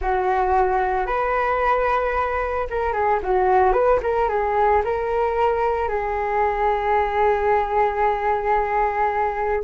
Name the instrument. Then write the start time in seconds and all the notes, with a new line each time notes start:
flute
0.01 F#4
1.06 B4
2.70 A#4
2.92 G#4
3.22 F#4
3.72 B4
4.02 A#4
4.28 G#4
4.84 A#4
5.88 G#4